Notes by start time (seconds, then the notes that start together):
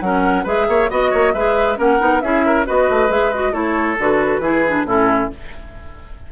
0.00 F#3 C#4 A#4 F#5
0.43 G#3 G#4 B4 E5
0.68 A#3 C#5
0.90 B3 F#4 D#5
1.10 A#3 C#5
1.33 G#3 G#4 B4 E5
1.76 A#3 C#4 A#4 F#5
1.99 B3 D#4
2.20 C#4 E4 G#4 E5
2.45 A#4
2.65 B3 F#4 B4 D#5
2.89 A3
3.09 G#3 G#4 E5
3.33 F#4 D#5
3.52 A3 E4 A4 C#5
3.99 D3 F#4 B4
4.39 E3 E4 G#4
4.68 D4
4.85 A2 C#4 E4 A4